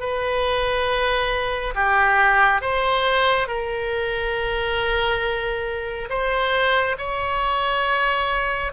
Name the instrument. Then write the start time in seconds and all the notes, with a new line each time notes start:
oboe
0.00 B4
1.75 G4
2.62 C5
3.48 A#4
6.10 C5
6.98 C#5